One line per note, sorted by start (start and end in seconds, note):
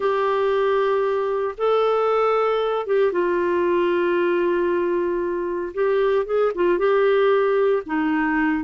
0.00 1.55 G4
1.57 2.86 A4
2.86 3.12 G4
3.12 5.72 F4
5.74 6.25 G4
6.25 6.51 G#4
6.54 6.78 F4
6.78 7.82 G4
7.86 8.63 D#4